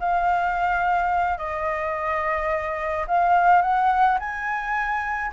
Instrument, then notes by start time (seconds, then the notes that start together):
flute
0.00 F5
1.38 D#5
3.08 F5
3.62 F#5
4.20 G#5